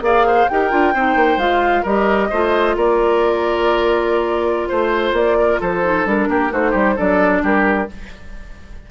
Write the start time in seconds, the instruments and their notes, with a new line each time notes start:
0.00 bassoon A#3, clarinet G#4, oboe D5, flute F5
0.26 oboe C5
0.48 bassoon D#4, clarinet G4, oboe A#4, flute G5
0.70 bassoon D4, clarinet F4
0.93 bassoon C4, clarinet D#4, oboe C5
1.15 bassoon A#3
1.37 bassoon G#3, clarinet F4, flute F5
1.82 bassoon G3, clarinet G4, oboe A#4, flute D#5
2.29 bassoon A3, clarinet F4, oboe C5
2.76 bassoon A#3, oboe A#4, flute D5
4.68 bassoon A3, flute C5, oboe C5
5.12 bassoon A#3, flute D5
5.39 oboe A#4
5.60 bassoon F3, oboe A4, flute C5
5.83 clarinet D#4
6.05 bassoon G3, clarinet D4, flute A#4
6.28 bassoon A#3, oboe G4
6.50 bassoon A3, clarinet D#4, oboe F#4, flute C5
6.71 bassoon G3, oboe G4
6.96 bassoon F#3, clarinet D4, oboe A4, flute D5
7.42 bassoon G3, oboe G4, flute A#4